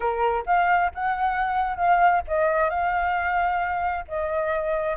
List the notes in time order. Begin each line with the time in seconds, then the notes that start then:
0.00 A#4
0.46 F5
0.94 F#5
1.76 F5
2.27 D#5
2.69 F5
4.08 D#5